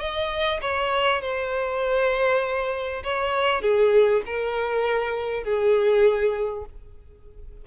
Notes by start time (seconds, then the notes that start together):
0.00 D#5
0.62 C#5
1.22 C5
3.04 C#5
3.62 G#4
4.26 A#4
5.44 G#4